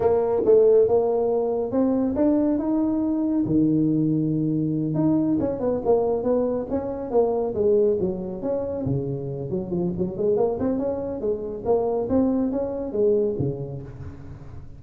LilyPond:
\new Staff \with { instrumentName = "tuba" } { \time 4/4 \tempo 4 = 139 ais4 a4 ais2 | c'4 d'4 dis'2 | dis2.~ dis8 dis'8~ | dis'8 cis'8 b8 ais4 b4 cis'8~ |
cis'8 ais4 gis4 fis4 cis'8~ | cis'8 cis4. fis8 f8 fis8 gis8 | ais8 c'8 cis'4 gis4 ais4 | c'4 cis'4 gis4 cis4 | }